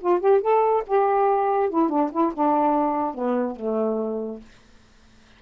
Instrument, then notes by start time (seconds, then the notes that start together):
saxophone
0.00 F4
0.20 G4
0.41 A4
0.86 G4
1.69 E4
1.89 D4
2.11 E4
2.34 D4
3.14 B3
3.56 A3